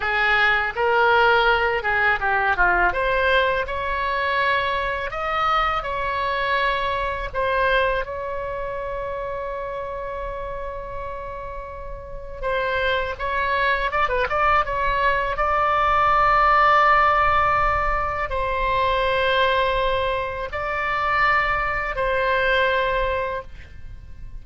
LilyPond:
\new Staff \with { instrumentName = "oboe" } { \time 4/4 \tempo 4 = 82 gis'4 ais'4. gis'8 g'8 f'8 | c''4 cis''2 dis''4 | cis''2 c''4 cis''4~ | cis''1~ |
cis''4 c''4 cis''4 d''16 b'16 d''8 | cis''4 d''2.~ | d''4 c''2. | d''2 c''2 | }